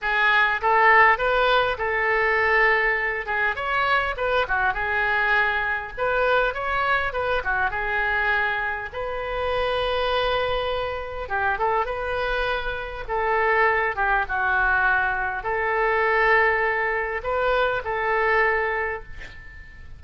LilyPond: \new Staff \with { instrumentName = "oboe" } { \time 4/4 \tempo 4 = 101 gis'4 a'4 b'4 a'4~ | a'4. gis'8 cis''4 b'8 fis'8 | gis'2 b'4 cis''4 | b'8 fis'8 gis'2 b'4~ |
b'2. g'8 a'8 | b'2 a'4. g'8 | fis'2 a'2~ | a'4 b'4 a'2 | }